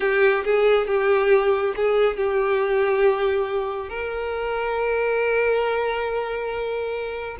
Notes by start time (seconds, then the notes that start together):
0.00 G4
0.44 G#4
0.87 G4
1.76 G#4
2.17 G4
3.89 A#4